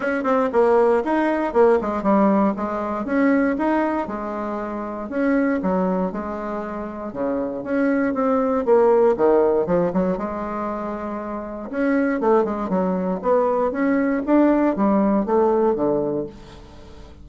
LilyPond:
\new Staff \with { instrumentName = "bassoon" } { \time 4/4 \tempo 4 = 118 cis'8 c'8 ais4 dis'4 ais8 gis8 | g4 gis4 cis'4 dis'4 | gis2 cis'4 fis4 | gis2 cis4 cis'4 |
c'4 ais4 dis4 f8 fis8 | gis2. cis'4 | a8 gis8 fis4 b4 cis'4 | d'4 g4 a4 d4 | }